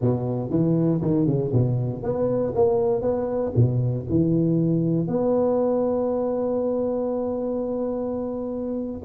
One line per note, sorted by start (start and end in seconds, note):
0.01 0.49 B2
0.49 1.00 E3
1.01 1.26 D#3
1.26 1.51 C#3
1.53 2.02 B2
2.02 2.53 B3
2.55 3.01 A#3
3.01 3.52 B3
3.55 4.06 B2
4.09 5.07 E3
5.07 9.01 B3